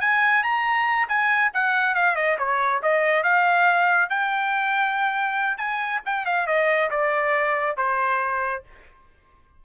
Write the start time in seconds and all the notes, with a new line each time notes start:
0.00 G#5
0.43 A#5
1.08 G#5
1.53 F#5
1.95 F5
2.15 D#5
2.38 C#5
2.82 D#5
3.23 F5
4.09 G5
5.57 G#5
6.05 G5
6.25 F5
6.46 D#5
6.90 D5
7.77 C5